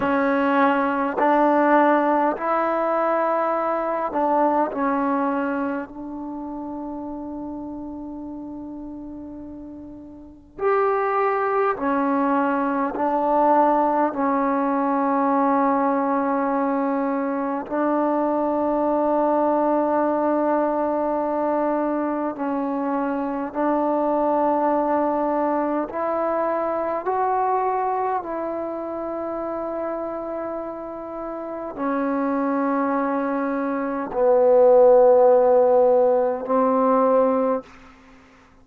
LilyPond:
\new Staff \with { instrumentName = "trombone" } { \time 4/4 \tempo 4 = 51 cis'4 d'4 e'4. d'8 | cis'4 d'2.~ | d'4 g'4 cis'4 d'4 | cis'2. d'4~ |
d'2. cis'4 | d'2 e'4 fis'4 | e'2. cis'4~ | cis'4 b2 c'4 | }